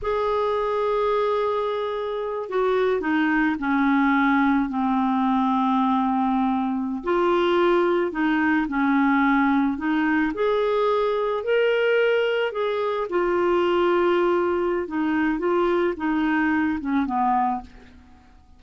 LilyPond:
\new Staff \with { instrumentName = "clarinet" } { \time 4/4 \tempo 4 = 109 gis'1~ | gis'8 fis'4 dis'4 cis'4.~ | cis'8 c'2.~ c'8~ | c'8. f'2 dis'4 cis'16~ |
cis'4.~ cis'16 dis'4 gis'4~ gis'16~ | gis'8. ais'2 gis'4 f'16~ | f'2. dis'4 | f'4 dis'4. cis'8 b4 | }